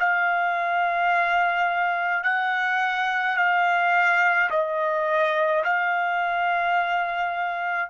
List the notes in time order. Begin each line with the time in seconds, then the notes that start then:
0.00 F5
2.24 F#5
3.37 F5
4.51 D#5
5.64 F5